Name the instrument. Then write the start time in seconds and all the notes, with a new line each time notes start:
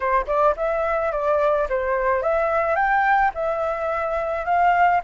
flute
0.00 C5
0.27 D5
0.56 E5
1.12 D5
1.69 C5
2.22 E5
2.75 G5
3.34 E5
4.45 F5